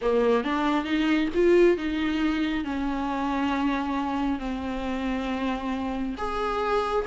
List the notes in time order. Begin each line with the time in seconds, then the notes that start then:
0.01 A#3
0.44 D4
0.84 D#4
1.34 F4
1.77 D#4
2.64 C#4
4.39 C4
6.17 G#4